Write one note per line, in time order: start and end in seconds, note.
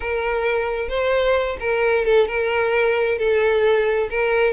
0.00 0.88 A#4
0.88 1.57 C5
1.60 2.05 A#4
2.05 2.27 A4
2.27 3.18 A#4
3.18 4.09 A4
4.10 4.53 A#4